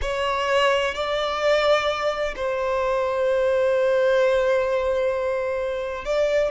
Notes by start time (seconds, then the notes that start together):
0.01 C#5
0.94 D5
2.36 C5
6.05 D5